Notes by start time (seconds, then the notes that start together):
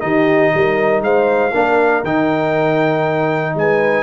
0.00 D#3 D#4 G4 D#5
0.54 G3 A#4
1.01 G#3 C5 F5
1.52 A#3 D4 A#4
2.04 D#3 D#4 G5
3.55 G#3 B4 G#5